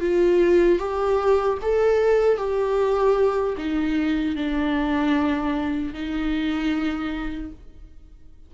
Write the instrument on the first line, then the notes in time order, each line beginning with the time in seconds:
viola
0.00 F4
0.79 G4
1.61 A4
2.37 G4
3.57 D#4
4.36 D4
5.94 D#4